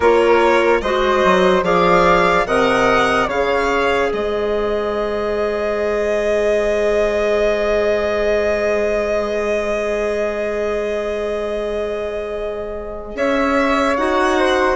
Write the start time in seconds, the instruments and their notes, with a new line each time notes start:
0.00 bassoon A#3, clarinet F4, flute A#4, violin C#5
0.81 bassoon G#3, clarinet F#4, flute C5, violin D#5
1.24 bassoon F#3
1.62 bassoon F3, clarinet G#4, flute D5, violin F5
2.46 bassoon C3, clarinet A#4, flute D#5, violin F#5
3.27 bassoon C#3, clarinet G#4, flute C#5, violin F5
4.09 bassoon G#3, flute C5, violin D#5
13.15 bassoon C#4, flute C#5, violin E5
13.96 bassoon D#4, clarinet F#4, violin F#5
14.39 flute C5